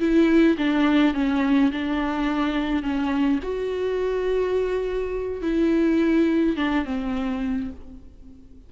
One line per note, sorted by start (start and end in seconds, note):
0.00 0.57 E4
0.58 1.15 D4
1.15 1.72 C#4
1.72 2.83 D4
2.83 3.40 C#4
3.43 5.42 F#4
5.42 6.57 E4
6.57 6.85 D4
6.85 7.71 C4